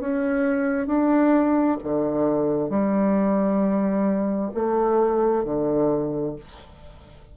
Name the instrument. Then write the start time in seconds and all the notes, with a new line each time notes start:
bassoon
0.00 C#4
0.87 D4
1.83 D3
2.69 G3
4.55 A3
5.45 D3